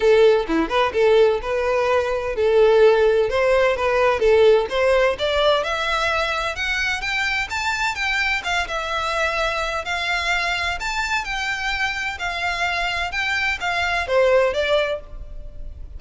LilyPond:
\new Staff \with { instrumentName = "violin" } { \time 4/4 \tempo 4 = 128 a'4 e'8 b'8 a'4 b'4~ | b'4 a'2 c''4 | b'4 a'4 c''4 d''4 | e''2 fis''4 g''4 |
a''4 g''4 f''8 e''4.~ | e''4 f''2 a''4 | g''2 f''2 | g''4 f''4 c''4 d''4 | }